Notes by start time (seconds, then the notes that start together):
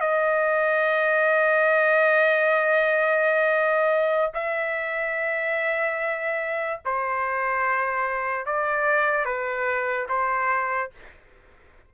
0.00 D#5
4.34 E5
6.85 C5
8.46 D5
9.25 B4
10.09 C5